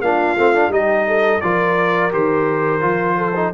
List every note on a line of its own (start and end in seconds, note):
0.00 0.35 A#3
0.00 0.37 D4
0.00 0.72 F4
0.00 0.72 F5
0.36 0.68 A3
0.36 0.54 C4
0.54 0.71 D4
0.68 1.39 G3
0.68 1.41 D#4
0.68 1.07 G4
0.68 1.40 D#5
1.07 1.42 A4
1.40 2.13 F3
1.40 2.11 F4
1.40 3.17 A#4
1.40 2.11 D5
2.11 2.82 D#3
2.11 2.80 G4
2.11 3.54 C5
2.80 3.53 F3
2.80 3.33 F4
3.17 3.52 A4
3.35 3.53 D#4